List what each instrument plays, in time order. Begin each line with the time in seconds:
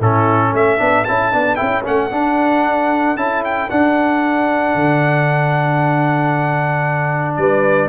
0.00 tuba A2, trombone C#4, horn E4, trumpet A4
0.52 tuba A3, horn A4, trumpet E5
0.78 tuba B3, trombone D4
1.04 tuba C#4, trombone E4, trumpet A5
1.32 tuba B3, trombone D4
1.56 tuba C#4, trombone E4, trumpet G5
1.84 tuba A3, trombone C#4, trumpet F#5
2.11 tuba D4, trombone D4
3.16 tuba C#4, trombone E4, trumpet A5
3.44 trumpet G5
3.70 trombone D4, tuba D4, trumpet F#5
4.75 tuba D3
7.36 tuba G3, horn B4, trumpet D5